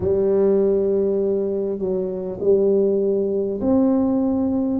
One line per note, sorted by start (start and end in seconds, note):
0.00 1.78 G3
1.78 2.38 F#3
2.40 3.60 G3
3.60 4.79 C4